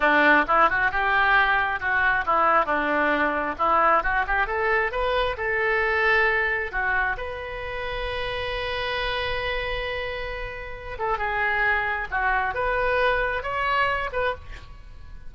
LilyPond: \new Staff \with { instrumentName = "oboe" } { \time 4/4 \tempo 4 = 134 d'4 e'8 fis'8 g'2 | fis'4 e'4 d'2 | e'4 fis'8 g'8 a'4 b'4 | a'2. fis'4 |
b'1~ | b'1~ | b'8 a'8 gis'2 fis'4 | b'2 cis''4. b'8 | }